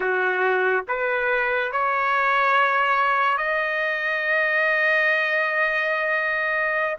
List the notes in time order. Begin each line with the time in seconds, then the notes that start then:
0.00 F#4
0.88 B4
1.72 C#5
3.37 D#5